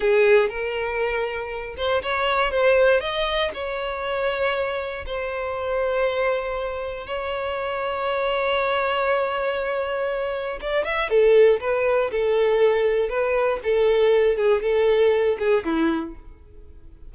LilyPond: \new Staff \with { instrumentName = "violin" } { \time 4/4 \tempo 4 = 119 gis'4 ais'2~ ais'8 c''8 | cis''4 c''4 dis''4 cis''4~ | cis''2 c''2~ | c''2 cis''2~ |
cis''1~ | cis''4 d''8 e''8 a'4 b'4 | a'2 b'4 a'4~ | a'8 gis'8 a'4. gis'8 e'4 | }